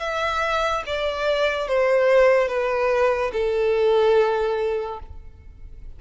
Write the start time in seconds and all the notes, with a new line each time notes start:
0.00 E5
0.86 D5
1.67 C5
2.48 B4
3.33 A4